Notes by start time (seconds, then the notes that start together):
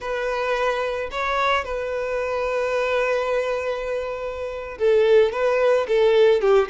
0.00 B4
1.11 C#5
1.64 B4
4.78 A4
5.32 B4
5.88 A4
6.41 G4